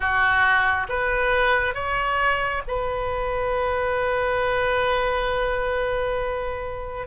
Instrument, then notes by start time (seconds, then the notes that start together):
oboe
0.00 F#4
0.88 B4
1.74 C#5
2.67 B4